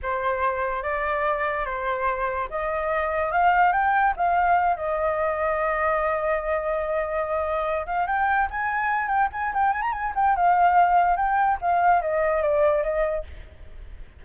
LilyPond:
\new Staff \with { instrumentName = "flute" } { \time 4/4 \tempo 4 = 145 c''2 d''2 | c''2 dis''2 | f''4 g''4 f''4. dis''8~ | dis''1~ |
dis''2. f''8 g''8~ | g''8 gis''4. g''8 gis''8 g''8 gis''16 ais''16 | gis''8 g''8 f''2 g''4 | f''4 dis''4 d''4 dis''4 | }